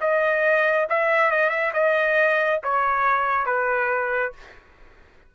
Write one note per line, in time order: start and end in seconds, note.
0.00 0.87 D#5
0.89 1.31 E5
1.31 1.49 D#5
1.49 1.71 E5
1.73 2.60 D#5
2.63 3.45 C#5
3.45 4.32 B4